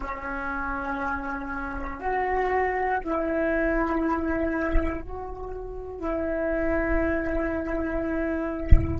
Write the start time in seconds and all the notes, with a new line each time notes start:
0.00 C#4
2.00 F#4
3.04 E4
5.00 F#4
5.99 E4